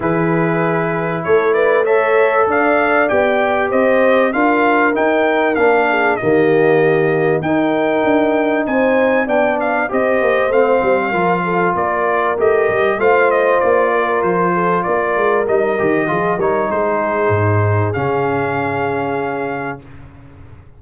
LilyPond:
<<
  \new Staff \with { instrumentName = "trumpet" } { \time 4/4 \tempo 4 = 97 b'2 cis''8 d''8 e''4 | f''4 g''4 dis''4 f''4 | g''4 f''4 dis''2 | g''2 gis''4 g''8 f''8 |
dis''4 f''2 d''4 | dis''4 f''8 dis''8 d''4 c''4 | d''4 dis''4. cis''8 c''4~ | c''4 f''2. | }
  \new Staff \with { instrumentName = "horn" } { \time 4/4 gis'2 a'8 b'8 cis''4 | d''2 c''4 ais'4~ | ais'4. gis'8 g'2 | ais'2 c''4 d''4 |
c''2 ais'8 a'8 ais'4~ | ais'4 c''4. ais'4 a'8 | ais'2 gis'8 ais'8 gis'4~ | gis'1 | }
  \new Staff \with { instrumentName = "trombone" } { \time 4/4 e'2. a'4~ | a'4 g'2 f'4 | dis'4 d'4 ais2 | dis'2. d'4 |
g'4 c'4 f'2 | g'4 f'2.~ | f'4 dis'8 g'8 f'8 dis'4.~ | dis'4 cis'2. | }
  \new Staff \with { instrumentName = "tuba" } { \time 4/4 e2 a2 | d'4 b4 c'4 d'4 | dis'4 ais4 dis2 | dis'4 d'4 c'4 b4 |
c'8 ais8 a8 g8 f4 ais4 | a8 g8 a4 ais4 f4 | ais8 gis8 g8 dis8 f8 g8 gis4 | gis,4 cis2. | }
>>